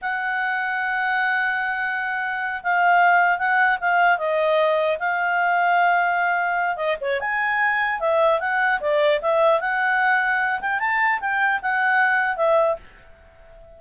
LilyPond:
\new Staff \with { instrumentName = "clarinet" } { \time 4/4 \tempo 4 = 150 fis''1~ | fis''2~ fis''8 f''4.~ | f''8 fis''4 f''4 dis''4.~ | dis''8 f''2.~ f''8~ |
f''4 dis''8 cis''8 gis''2 | e''4 fis''4 d''4 e''4 | fis''2~ fis''8 g''8 a''4 | g''4 fis''2 e''4 | }